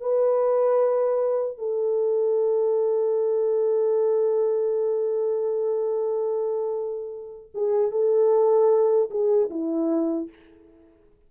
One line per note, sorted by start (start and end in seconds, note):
0.00 1.58 B4
1.58 7.50 A4
7.54 7.91 G#4
7.91 9.09 A4
9.10 9.50 G#4
9.50 10.29 E4